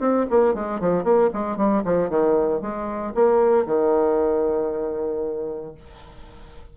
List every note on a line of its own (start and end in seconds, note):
0.00 0.26 C4
0.31 0.55 A#3
0.55 0.81 G#3
0.81 1.04 F3
1.04 1.30 A#3
1.34 1.57 G#3
1.57 1.83 G3
1.85 2.10 F3
2.10 2.62 D#3
2.62 3.14 G#3
3.15 3.66 A#3
3.66 5.75 D#3